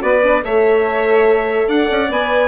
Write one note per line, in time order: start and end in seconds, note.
0.00 0.44 B3
0.00 0.21 F#4
0.00 0.44 B4
0.00 0.43 D5
0.23 0.43 D4
0.43 1.67 A3
0.43 2.10 A4
0.43 1.68 C#5
0.43 1.69 E5
1.67 1.88 D4
1.67 2.48 D5
1.67 2.11 F#5
1.90 2.10 C#4
2.10 2.48 B3
2.10 2.48 B4
2.10 2.48 G#5